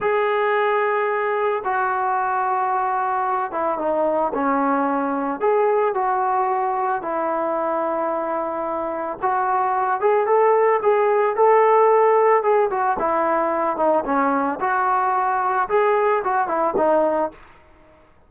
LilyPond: \new Staff \with { instrumentName = "trombone" } { \time 4/4 \tempo 4 = 111 gis'2. fis'4~ | fis'2~ fis'8 e'8 dis'4 | cis'2 gis'4 fis'4~ | fis'4 e'2.~ |
e'4 fis'4. gis'8 a'4 | gis'4 a'2 gis'8 fis'8 | e'4. dis'8 cis'4 fis'4~ | fis'4 gis'4 fis'8 e'8 dis'4 | }